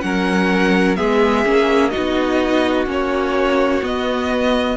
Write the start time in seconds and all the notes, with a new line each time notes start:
0.00 F#3 C#4 A#4 F#5
0.95 G#3 B3 G#4 E5
1.44 A#3 C#4
1.89 D#4 F#4 D#5
1.97 B3
2.86 A#3 C#4 C#5
3.82 B3 D#5